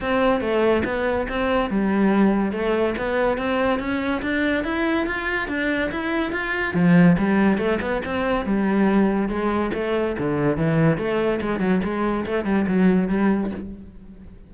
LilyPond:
\new Staff \with { instrumentName = "cello" } { \time 4/4 \tempo 4 = 142 c'4 a4 b4 c'4 | g2 a4 b4 | c'4 cis'4 d'4 e'4 | f'4 d'4 e'4 f'4 |
f4 g4 a8 b8 c'4 | g2 gis4 a4 | d4 e4 a4 gis8 fis8 | gis4 a8 g8 fis4 g4 | }